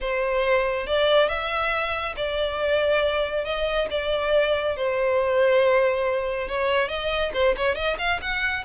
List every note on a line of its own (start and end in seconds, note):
0.01 0.86 C5
0.86 1.28 D5
1.28 2.14 E5
2.16 3.45 D5
3.45 3.88 D#5
3.90 4.76 D5
4.76 6.47 C5
6.47 6.88 C#5
6.88 7.31 D#5
7.33 7.55 C5
7.57 7.75 C#5
7.75 7.96 D#5
7.98 8.20 F5
8.21 8.64 F#5